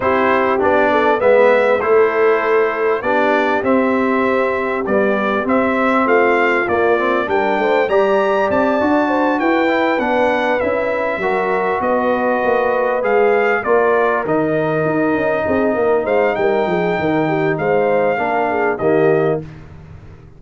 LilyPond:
<<
  \new Staff \with { instrumentName = "trumpet" } { \time 4/4 \tempo 4 = 99 c''4 d''4 e''4 c''4~ | c''4 d''4 e''2 | d''4 e''4 f''4 d''4 | g''4 ais''4 a''4. g''8~ |
g''8 fis''4 e''2 dis''8~ | dis''4. f''4 d''4 dis''8~ | dis''2~ dis''8 f''8 g''4~ | g''4 f''2 dis''4 | }
  \new Staff \with { instrumentName = "horn" } { \time 4/4 g'4. a'8 b'4 a'4~ | a'4 g'2.~ | g'2 f'2 | ais'8 c''8 d''2 c''8 b'8~ |
b'2~ b'8 ais'4 b'8~ | b'2~ b'8 ais'4.~ | ais'4. gis'8 ais'8 c''8 ais'8 gis'8 | ais'8 g'8 c''4 ais'8 gis'8 g'4 | }
  \new Staff \with { instrumentName = "trombone" } { \time 4/4 e'4 d'4 b4 e'4~ | e'4 d'4 c'2 | g4 c'2 ais8 c'8 | d'4 g'4. fis'4. |
e'8 d'4 e'4 fis'4.~ | fis'4. gis'4 f'4 dis'8~ | dis'1~ | dis'2 d'4 ais4 | }
  \new Staff \with { instrumentName = "tuba" } { \time 4/4 c'4 b4 gis4 a4~ | a4 b4 c'2 | b4 c'4 a4 ais4 | g8 a8 g4 c'8 d'4 e'8~ |
e'8 b4 cis'4 fis4 b8~ | b8 ais4 gis4 ais4 dis8~ | dis8 dis'8 cis'8 c'8 ais8 gis8 g8 f8 | dis4 gis4 ais4 dis4 | }
>>